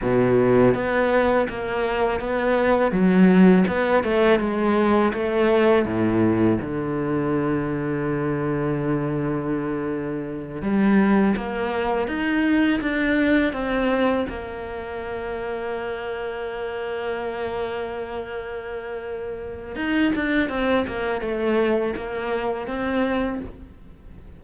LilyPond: \new Staff \with { instrumentName = "cello" } { \time 4/4 \tempo 4 = 82 b,4 b4 ais4 b4 | fis4 b8 a8 gis4 a4 | a,4 d2.~ | d2~ d8 g4 ais8~ |
ais8 dis'4 d'4 c'4 ais8~ | ais1~ | ais2. dis'8 d'8 | c'8 ais8 a4 ais4 c'4 | }